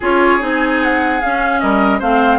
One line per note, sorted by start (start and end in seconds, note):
0.00 0.41 C#4
0.00 0.40 F4
0.00 1.60 G#4
0.00 0.43 C#5
0.40 1.22 C4
0.40 1.20 D#4
0.40 0.83 G#5
0.83 1.20 F#5
1.20 2.01 C#4
1.20 1.62 C#4
1.20 1.59 F5
1.59 2.01 G3
1.59 1.99 A#4
1.59 2.00 D#5
1.99 2.39 A3
1.99 2.39 C4
1.99 2.39 C5
1.99 2.39 F5